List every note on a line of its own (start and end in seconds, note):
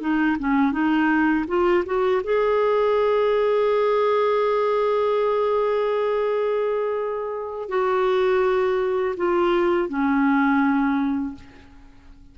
0.00 0.37 D#4
0.39 0.72 C#4
0.72 1.45 D#4
1.47 1.84 F4
1.85 2.22 F#4
2.23 7.68 G#4
7.68 9.15 F#4
9.17 9.88 F4
9.88 11.34 C#4